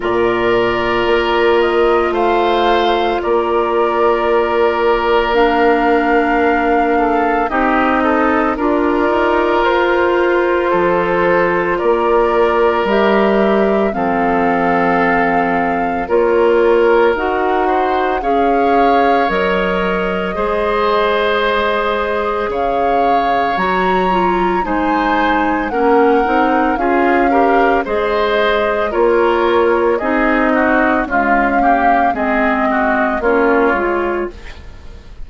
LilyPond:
<<
  \new Staff \with { instrumentName = "flute" } { \time 4/4 \tempo 4 = 56 d''4. dis''8 f''4 d''4~ | d''4 f''2 dis''4 | d''4 c''2 d''4 | e''4 f''2 cis''4 |
fis''4 f''4 dis''2~ | dis''4 f''4 ais''4 gis''4 | fis''4 f''4 dis''4 cis''4 | dis''4 f''4 dis''4 cis''4 | }
  \new Staff \with { instrumentName = "oboe" } { \time 4/4 ais'2 c''4 ais'4~ | ais'2~ ais'8 a'8 g'8 a'8 | ais'2 a'4 ais'4~ | ais'4 a'2 ais'4~ |
ais'8 c''8 cis''2 c''4~ | c''4 cis''2 c''4 | ais'4 gis'8 ais'8 c''4 ais'4 | gis'8 fis'8 f'8 g'8 gis'8 fis'8 f'4 | }
  \new Staff \with { instrumentName = "clarinet" } { \time 4/4 f'1~ | f'4 d'2 dis'4 | f'1 | g'4 c'2 f'4 |
fis'4 gis'4 ais'4 gis'4~ | gis'2 fis'8 f'8 dis'4 | cis'8 dis'8 f'8 g'8 gis'4 f'4 | dis'4 gis8 ais8 c'4 cis'8 f'8 | }
  \new Staff \with { instrumentName = "bassoon" } { \time 4/4 ais,4 ais4 a4 ais4~ | ais2. c'4 | d'8 dis'8 f'4 f4 ais4 | g4 f2 ais4 |
dis'4 cis'4 fis4 gis4~ | gis4 cis4 fis4 gis4 | ais8 c'8 cis'4 gis4 ais4 | c'4 cis'4 gis4 ais8 gis8 | }
>>